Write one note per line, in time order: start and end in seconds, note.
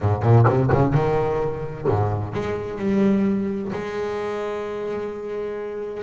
0.00 0.22 G#2
0.22 0.45 A#2
0.47 0.71 C3
0.72 0.93 C#3
0.93 1.86 D#3
1.87 2.33 G#2
2.33 2.78 G#3
2.78 3.71 G3
3.72 6.03 G#3